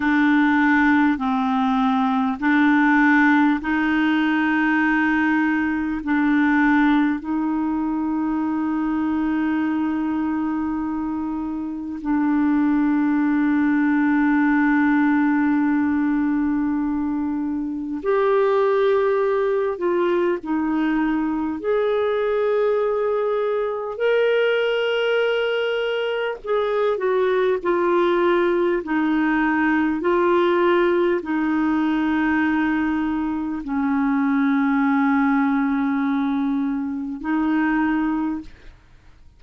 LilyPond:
\new Staff \with { instrumentName = "clarinet" } { \time 4/4 \tempo 4 = 50 d'4 c'4 d'4 dis'4~ | dis'4 d'4 dis'2~ | dis'2 d'2~ | d'2. g'4~ |
g'8 f'8 dis'4 gis'2 | ais'2 gis'8 fis'8 f'4 | dis'4 f'4 dis'2 | cis'2. dis'4 | }